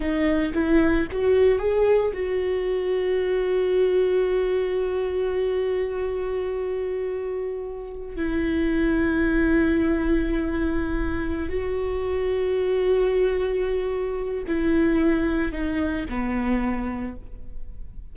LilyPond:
\new Staff \with { instrumentName = "viola" } { \time 4/4 \tempo 4 = 112 dis'4 e'4 fis'4 gis'4 | fis'1~ | fis'1~ | fis'2.~ fis'16 e'8.~ |
e'1~ | e'4. fis'2~ fis'8~ | fis'2. e'4~ | e'4 dis'4 b2 | }